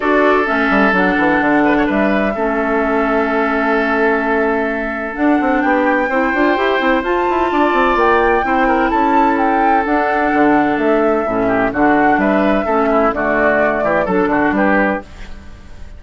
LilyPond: <<
  \new Staff \with { instrumentName = "flute" } { \time 4/4 \tempo 4 = 128 d''4 e''4 fis''2 | e''1~ | e''2. fis''4 | g''2. a''4~ |
a''4 g''2 a''4 | g''4 fis''2 e''4~ | e''4 fis''4 e''2 | d''2 a'4 b'4 | }
  \new Staff \with { instrumentName = "oboe" } { \time 4/4 a'2.~ a'8 b'16 cis''16 | b'4 a'2.~ | a'1 | g'4 c''2. |
d''2 c''8 ais'8 a'4~ | a'1~ | a'8 g'8 fis'4 b'4 a'8 e'8 | fis'4. g'8 a'8 fis'8 g'4 | }
  \new Staff \with { instrumentName = "clarinet" } { \time 4/4 fis'4 cis'4 d'2~ | d'4 cis'2.~ | cis'2. d'4~ | d'4 e'8 f'8 g'8 e'8 f'4~ |
f'2 e'2~ | e'4 d'2. | cis'4 d'2 cis'4 | a2 d'2 | }
  \new Staff \with { instrumentName = "bassoon" } { \time 4/4 d'4 a8 g8 fis8 e8 d4 | g4 a2.~ | a2. d'8 c'8 | b4 c'8 d'8 e'8 c'8 f'8 e'8 |
d'8 c'8 ais4 c'4 cis'4~ | cis'4 d'4 d4 a4 | a,4 d4 g4 a4 | d4. e8 fis8 d8 g4 | }
>>